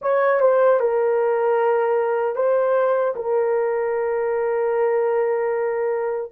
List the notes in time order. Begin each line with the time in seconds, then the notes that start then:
0.01 C#5
0.40 C5
0.79 A#4
2.35 C5
3.15 A#4